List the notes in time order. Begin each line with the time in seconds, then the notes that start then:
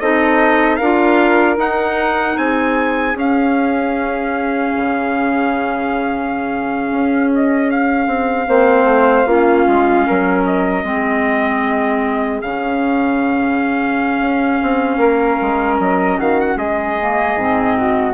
0.00 C4 D#4 A4 D#5
0.76 D4 A#4 F5
0.82 F4
1.56 D#4 F#5
2.36 C4 G#4 G#5
3.15 C#4 F5
4.76 C#3
6.91 C#4
7.35 D#5
7.71 F5
8.07 C4
8.48 A#3 C4 C5
8.84 A3
9.26 A#3 C#4 F4
9.67 G#3
10.07 F#3 A#4
10.46 D#5
10.84 G#3 C4 G#4
12.42 C#3 C#4 F5
14.20 C#4
14.63 C4
14.98 A#3 A#4
15.41 G#3
15.79 F#3 D#5
16.18 D#3 F#4 F5
16.41 F#5
16.56 G#3 G#4 D#5
16.99 A#3
17.36 G#2 C4
17.77 F#4